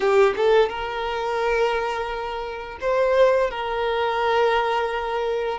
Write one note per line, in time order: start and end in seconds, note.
0.00 0.34 G4
0.36 0.69 A4
0.69 2.78 A#4
2.80 3.50 C5
3.50 5.58 A#4